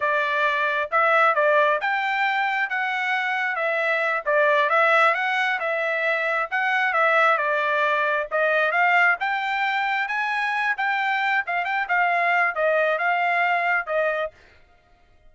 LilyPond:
\new Staff \with { instrumentName = "trumpet" } { \time 4/4 \tempo 4 = 134 d''2 e''4 d''4 | g''2 fis''2 | e''4. d''4 e''4 fis''8~ | fis''8 e''2 fis''4 e''8~ |
e''8 d''2 dis''4 f''8~ | f''8 g''2 gis''4. | g''4. f''8 g''8 f''4. | dis''4 f''2 dis''4 | }